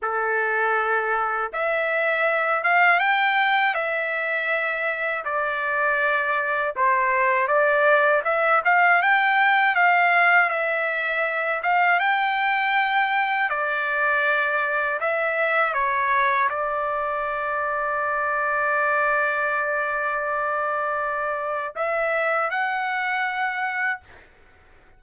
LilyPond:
\new Staff \with { instrumentName = "trumpet" } { \time 4/4 \tempo 4 = 80 a'2 e''4. f''8 | g''4 e''2 d''4~ | d''4 c''4 d''4 e''8 f''8 | g''4 f''4 e''4. f''8 |
g''2 d''2 | e''4 cis''4 d''2~ | d''1~ | d''4 e''4 fis''2 | }